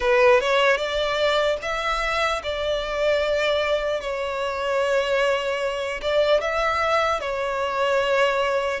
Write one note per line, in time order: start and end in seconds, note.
0.00 0.40 B4
0.40 0.77 C#5
0.77 1.57 D5
1.62 2.42 E5
2.43 4.00 D5
4.00 6.00 C#5
6.01 6.40 D5
6.40 7.20 E5
7.20 8.80 C#5